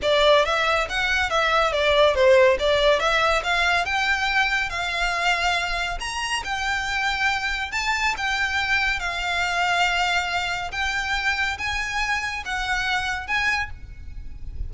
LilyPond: \new Staff \with { instrumentName = "violin" } { \time 4/4 \tempo 4 = 140 d''4 e''4 fis''4 e''4 | d''4 c''4 d''4 e''4 | f''4 g''2 f''4~ | f''2 ais''4 g''4~ |
g''2 a''4 g''4~ | g''4 f''2.~ | f''4 g''2 gis''4~ | gis''4 fis''2 gis''4 | }